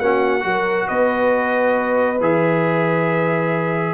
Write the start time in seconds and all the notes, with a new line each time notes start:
0.00 A#3 C#4 F#4 F#5
0.41 F#3 F#4 A#4
0.88 B3 B4 D#5
2.20 E3 G#4 E5